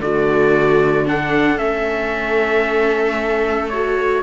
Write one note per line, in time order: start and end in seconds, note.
0.00 1.57 D3
0.00 1.06 A3
0.00 1.08 F#4
0.00 1.07 D5
1.06 1.58 D4
1.06 4.23 A4
1.06 1.58 F#5
1.57 4.23 A3
1.57 3.71 C#4
1.57 3.69 E5
3.69 4.23 F#4
3.69 4.22 C#5